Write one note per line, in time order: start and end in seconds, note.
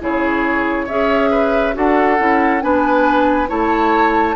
0.00 0.87 C#3
0.00 0.87 E4
0.00 0.86 G#4
0.00 0.88 C#5
0.86 1.75 C#4
0.86 1.73 G#4
0.86 1.29 C#5
0.86 1.75 E5
1.31 1.74 B4
1.73 2.19 D4
1.73 2.16 F#4
1.73 2.63 A4
1.73 2.61 F#5
2.18 2.62 C#4
2.18 2.61 E4
2.61 3.49 B3
2.61 3.47 D4
2.61 3.49 B4
2.61 3.48 G#5
3.47 4.35 A3
3.47 4.34 E4
3.47 4.35 C#5
3.47 4.35 A5